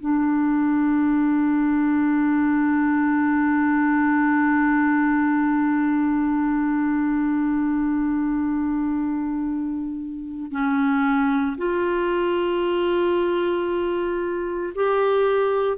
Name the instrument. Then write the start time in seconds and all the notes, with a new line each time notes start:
clarinet
0.00 D4
10.52 C#4
11.57 F4
14.75 G4